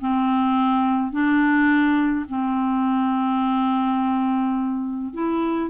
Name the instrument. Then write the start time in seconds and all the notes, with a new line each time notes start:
clarinet
0.00 C4
1.11 D4
2.29 C4
5.13 E4